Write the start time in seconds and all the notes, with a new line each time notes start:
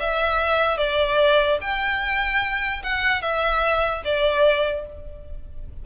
0.00 E5
0.78 D5
1.61 G5
2.83 F#5
3.22 E5
4.05 D5